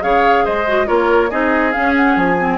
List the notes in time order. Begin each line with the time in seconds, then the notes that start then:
0.00 C#3 G#4 C#5 F5
0.44 G#3 C5 D#5
0.67 F#4
0.86 A#3 F4 A#4 C#5
1.30 C4 D#4 G#4 D#5
1.72 C#4 F5
1.96 F#5
2.16 F3 G#5
2.38 C4